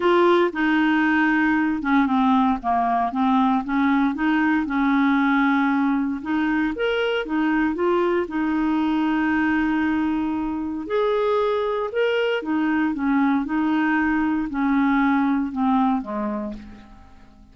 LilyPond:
\new Staff \with { instrumentName = "clarinet" } { \time 4/4 \tempo 4 = 116 f'4 dis'2~ dis'8 cis'8 | c'4 ais4 c'4 cis'4 | dis'4 cis'2. | dis'4 ais'4 dis'4 f'4 |
dis'1~ | dis'4 gis'2 ais'4 | dis'4 cis'4 dis'2 | cis'2 c'4 gis4 | }